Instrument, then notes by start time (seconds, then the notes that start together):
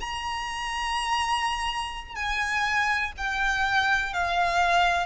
violin
0.00 A#5
2.15 G#5
3.17 G5
4.13 F5